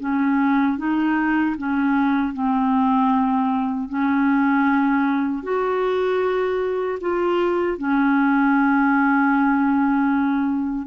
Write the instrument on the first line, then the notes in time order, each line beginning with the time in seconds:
clarinet
0.00 C#4
0.78 D#4
1.58 C#4
2.34 C4
3.89 C#4
5.43 F#4
7.01 F4
7.78 C#4